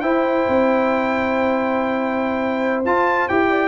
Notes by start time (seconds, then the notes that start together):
0.00 E4 C5 G5
0.48 C4
2.85 F4 A5
3.28 E4 G4 G5
3.49 D5